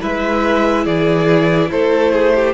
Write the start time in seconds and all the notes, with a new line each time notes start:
0.00 G#3 E4 B4 E5
0.84 E3 G#4 D5
1.71 A3 A4 C5
2.12 G#4
2.35 G4